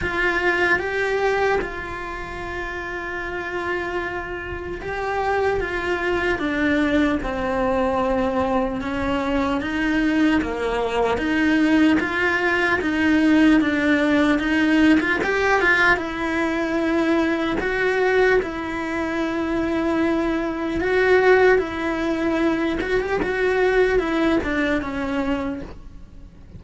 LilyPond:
\new Staff \with { instrumentName = "cello" } { \time 4/4 \tempo 4 = 75 f'4 g'4 f'2~ | f'2 g'4 f'4 | d'4 c'2 cis'4 | dis'4 ais4 dis'4 f'4 |
dis'4 d'4 dis'8. f'16 g'8 f'8 | e'2 fis'4 e'4~ | e'2 fis'4 e'4~ | e'8 fis'16 g'16 fis'4 e'8 d'8 cis'4 | }